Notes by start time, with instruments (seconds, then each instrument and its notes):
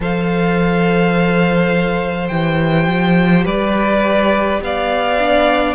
0.00 cello F3, viola A4, violin C5 F5
2.28 cello E3, viola G4, violin G5
2.87 cello F3
3.45 cello G3, violin B4 D5
4.61 cello B3, violin D5 F5
5.18 viola D4